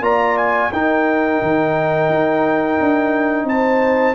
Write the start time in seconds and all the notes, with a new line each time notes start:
0.00 A#3 F4 D5 A#5
0.37 G#5
0.72 D#4 A#4 G5
1.42 D#3
2.09 D#4
2.80 D4
3.44 C4 C5 A5